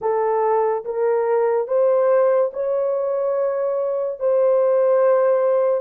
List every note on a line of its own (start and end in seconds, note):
0.01 0.84 A4
0.84 1.67 A#4
1.67 2.51 C5
2.53 4.19 C#5
4.19 5.81 C5